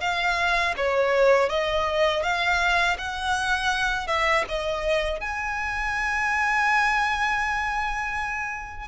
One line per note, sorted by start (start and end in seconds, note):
0.00 0.74 F5
0.76 1.49 C#5
1.49 2.22 D#5
2.22 2.96 F5
2.98 4.07 F#5
4.07 4.44 E5
4.48 5.20 D#5
5.20 8.88 G#5